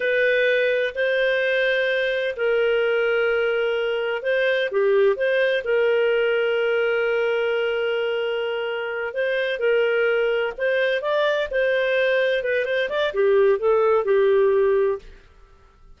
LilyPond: \new Staff \with { instrumentName = "clarinet" } { \time 4/4 \tempo 4 = 128 b'2 c''2~ | c''4 ais'2.~ | ais'4 c''4 g'4 c''4 | ais'1~ |
ais'2.~ ais'8 c''8~ | c''8 ais'2 c''4 d''8~ | d''8 c''2 b'8 c''8 d''8 | g'4 a'4 g'2 | }